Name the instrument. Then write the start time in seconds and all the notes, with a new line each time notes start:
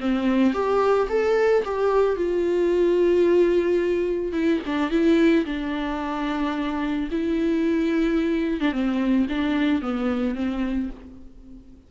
viola
0.00 C4
0.53 G4
1.09 A4
1.65 G4
2.16 F4
4.32 E4
4.66 D4
4.90 E4
5.45 D4
7.11 E4
8.60 D4
8.72 C4
9.29 D4
9.82 B3
10.35 C4